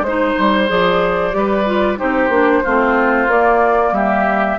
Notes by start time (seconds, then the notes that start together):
0.00 G#3 C5
0.07 D#4 C5
0.38 G3
0.67 F3 G#4 D5
1.31 G3 G4 B4
1.65 F4
1.96 C4 D#4 G4 C5
2.29 A#3 D4
2.63 A3 C4 F4
3.27 A#3 D5
3.92 G3 G4 E5